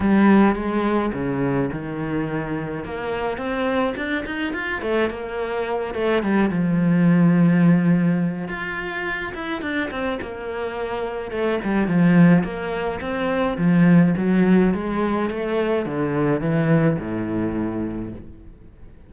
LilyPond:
\new Staff \with { instrumentName = "cello" } { \time 4/4 \tempo 4 = 106 g4 gis4 cis4 dis4~ | dis4 ais4 c'4 d'8 dis'8 | f'8 a8 ais4. a8 g8 f8~ | f2. f'4~ |
f'8 e'8 d'8 c'8 ais2 | a8 g8 f4 ais4 c'4 | f4 fis4 gis4 a4 | d4 e4 a,2 | }